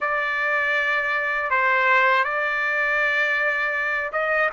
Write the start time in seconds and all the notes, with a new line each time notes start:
0.00 D5
1.50 C5
2.23 D5
4.12 D#5